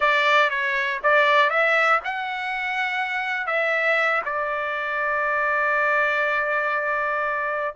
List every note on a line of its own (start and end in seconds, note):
0.00 0.50 D5
0.50 1.00 C#5
1.03 1.50 D5
1.50 2.00 E5
2.04 3.47 F#5
3.47 4.22 E5
4.25 7.75 D5